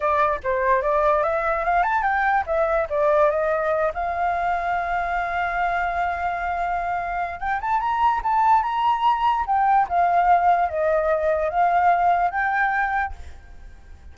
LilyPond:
\new Staff \with { instrumentName = "flute" } { \time 4/4 \tempo 4 = 146 d''4 c''4 d''4 e''4 | f''8 a''8 g''4 e''4 d''4 | dis''4. f''2~ f''8~ | f''1~ |
f''2 g''8 a''8 ais''4 | a''4 ais''2 g''4 | f''2 dis''2 | f''2 g''2 | }